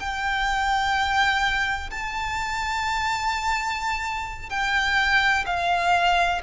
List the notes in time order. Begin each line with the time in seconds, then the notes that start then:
0.00 G5
1.91 A5
4.50 G5
5.46 F5